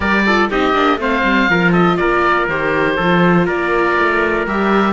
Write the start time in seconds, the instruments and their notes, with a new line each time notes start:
0.00 cello G3, viola G4, trumpet A#4, oboe D5
0.26 viola F4, trumpet A4
0.50 cello C4, viola D#4, trumpet G4, oboe D#5
0.73 cello A#3, viola D4
0.97 cello A3, viola C4, trumpet C5, oboe F5
1.23 cello G3
1.48 cello F3, viola F4, trumpet A#4
1.72 trumpet A4, oboe D#5
1.96 cello A#3, trumpet A#4, oboe D5
2.48 cello D#3, viola G4, oboe C5
2.96 cello F3, trumpet A4
3.02 viola F4
3.45 cello A#3, trumpet A#4, oboe D5
3.98 cello A3
4.46 cello G3, viola G4, oboe E5